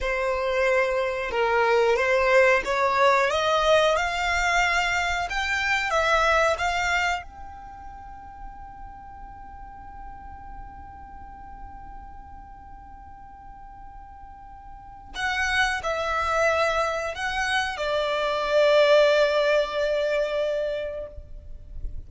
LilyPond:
\new Staff \with { instrumentName = "violin" } { \time 4/4 \tempo 4 = 91 c''2 ais'4 c''4 | cis''4 dis''4 f''2 | g''4 e''4 f''4 g''4~ | g''1~ |
g''1~ | g''2. fis''4 | e''2 fis''4 d''4~ | d''1 | }